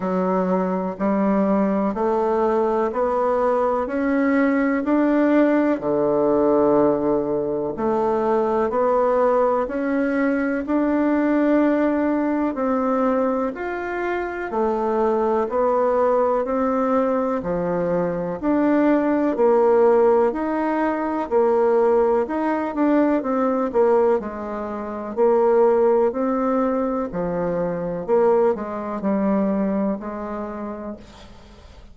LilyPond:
\new Staff \with { instrumentName = "bassoon" } { \time 4/4 \tempo 4 = 62 fis4 g4 a4 b4 | cis'4 d'4 d2 | a4 b4 cis'4 d'4~ | d'4 c'4 f'4 a4 |
b4 c'4 f4 d'4 | ais4 dis'4 ais4 dis'8 d'8 | c'8 ais8 gis4 ais4 c'4 | f4 ais8 gis8 g4 gis4 | }